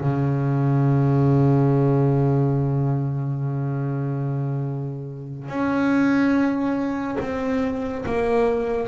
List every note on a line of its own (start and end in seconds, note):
0.00 5.48 C#3
5.48 7.17 C#4
7.20 8.04 C4
8.06 8.88 A#3